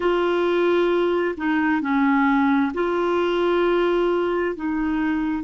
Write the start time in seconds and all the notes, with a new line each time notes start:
0.00 F4
1.37 D#4
1.81 C#4
2.74 F4
4.55 D#4